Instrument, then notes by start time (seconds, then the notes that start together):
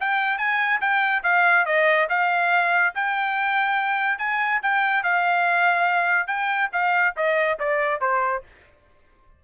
trumpet
0.00 G5
0.38 G#5
0.80 G5
1.23 F5
1.65 D#5
2.09 F5
2.95 G5
4.18 G#5
4.62 G5
5.03 F5
6.27 G5
6.72 F5
7.16 D#5
7.59 D5
8.01 C5